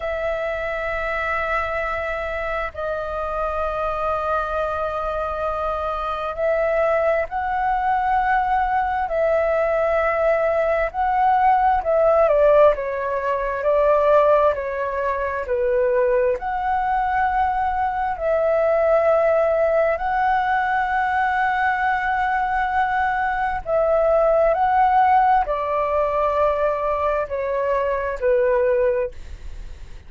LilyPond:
\new Staff \with { instrumentName = "flute" } { \time 4/4 \tempo 4 = 66 e''2. dis''4~ | dis''2. e''4 | fis''2 e''2 | fis''4 e''8 d''8 cis''4 d''4 |
cis''4 b'4 fis''2 | e''2 fis''2~ | fis''2 e''4 fis''4 | d''2 cis''4 b'4 | }